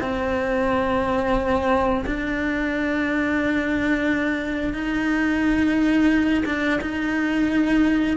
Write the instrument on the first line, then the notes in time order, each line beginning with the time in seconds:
cello
0.00 C4
2.06 D4
4.73 D#4
6.45 D4
6.81 D#4